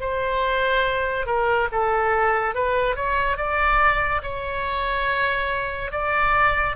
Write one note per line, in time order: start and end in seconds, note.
0.00 1.26 C5
1.26 1.68 A#4
1.72 2.54 A4
2.54 2.95 B4
2.95 3.36 C#5
3.36 4.21 D5
4.23 5.91 C#5
5.91 6.75 D5